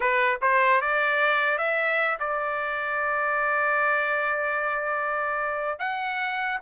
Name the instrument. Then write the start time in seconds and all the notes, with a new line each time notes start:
trumpet
0.00 B4
0.41 C5
0.81 D5
1.58 E5
2.19 D5
5.79 F#5